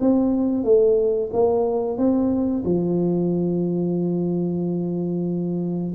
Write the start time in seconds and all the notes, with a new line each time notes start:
0.00 C4
0.64 A3
1.33 A#3
1.98 C4
2.65 F3